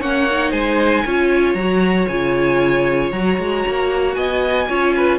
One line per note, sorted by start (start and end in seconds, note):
0.00 0.52 A#3
0.00 0.28 C#4
0.00 0.51 C#5
0.00 0.51 F#5
0.30 1.06 D#4
0.51 1.03 G#3
0.51 1.03 C5
0.51 1.54 G#5
1.05 1.54 C#4
1.05 1.58 F4
1.05 4.16 C#5
1.54 2.06 F#3
1.54 2.10 F#4
1.54 2.05 A#5
2.07 3.12 C#3
2.07 3.13 F4
2.07 3.11 G#5
3.11 3.37 F#3
3.11 4.69 F#4
3.11 4.14 A#5
3.38 3.64 G#3
3.68 4.16 A#3
4.14 4.68 B3
4.14 4.68 D#5
4.14 5.18 G#5
4.69 5.18 C#4
4.69 5.18 F4
4.69 4.95 C#5
4.96 5.18 B4